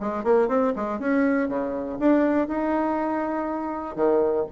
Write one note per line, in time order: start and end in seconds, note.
0.00 0.23 G#3
0.23 0.48 A#3
0.48 0.73 C4
0.76 0.99 G#3
0.99 1.48 C#4
1.48 1.98 C#3
1.99 2.48 D4
2.48 3.95 D#4
3.95 4.45 D#3